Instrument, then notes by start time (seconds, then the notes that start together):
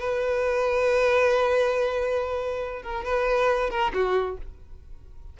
violin
0.00 B4
2.83 A#4
3.05 B4
3.70 A#4
3.94 F#4